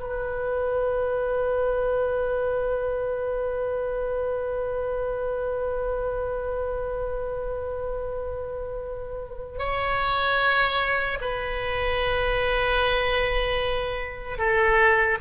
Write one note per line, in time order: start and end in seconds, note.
0.00 9.59 B4
9.59 11.19 C#5
11.21 14.38 B4
14.38 15.18 A4